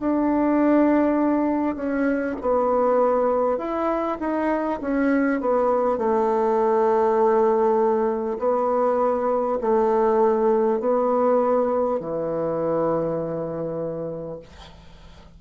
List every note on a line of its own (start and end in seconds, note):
0.00 1.76 D4
1.76 2.36 C#4
2.41 3.58 B3
3.58 4.18 E4
4.20 4.80 D#4
4.81 5.41 C#4
5.41 5.98 B3
5.98 8.38 A3
8.39 9.59 B3
9.61 10.80 A3
10.80 11.99 B3
11.99 14.39 E3